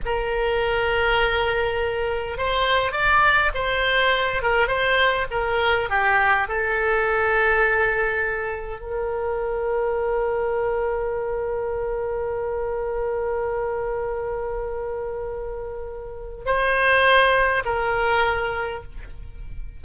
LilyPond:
\new Staff \with { instrumentName = "oboe" } { \time 4/4 \tempo 4 = 102 ais'1 | c''4 d''4 c''4. ais'8 | c''4 ais'4 g'4 a'4~ | a'2. ais'4~ |
ais'1~ | ais'1~ | ais'1 | c''2 ais'2 | }